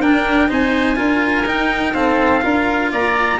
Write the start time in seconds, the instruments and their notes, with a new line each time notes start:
0.00 tuba D4, cello D4, oboe A#4, trumpet G5
0.48 tuba C4, cello D#4, oboe C5, trumpet G#5
0.96 tuba D4, cello F4, oboe A#4
1.45 tuba D#4, cello D#4, trumpet G5
1.94 cello C4, oboe A4, trumpet F5
2.42 tuba D4, cello F4, oboe A#4
2.91 tuba A#3, oboe D5, trumpet A#5